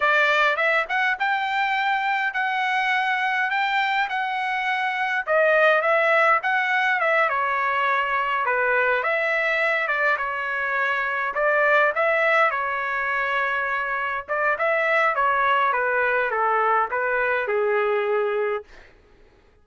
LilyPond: \new Staff \with { instrumentName = "trumpet" } { \time 4/4 \tempo 4 = 103 d''4 e''8 fis''8 g''2 | fis''2 g''4 fis''4~ | fis''4 dis''4 e''4 fis''4 | e''8 cis''2 b'4 e''8~ |
e''4 d''8 cis''2 d''8~ | d''8 e''4 cis''2~ cis''8~ | cis''8 d''8 e''4 cis''4 b'4 | a'4 b'4 gis'2 | }